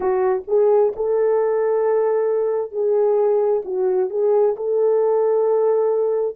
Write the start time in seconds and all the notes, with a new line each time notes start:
0.00 F#4
0.48 G#4
0.95 A4
2.71 G#4
3.64 F#4
4.10 G#4
4.56 A4